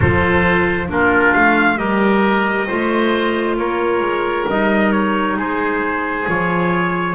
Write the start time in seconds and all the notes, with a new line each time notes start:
0.00 F3 F4 A4 C5
0.87 A#3 D4 F4 A#4
1.34 A3 F5
1.76 G3 G4 A#4 D#5
2.67 A3 F4 C5
3.57 A#3 A#4 C#5
4.00 G#3
4.47 G3 D#4 D#5
4.92 C#5
5.36 G#3 G#4 C5
6.26 F3 F4 C#5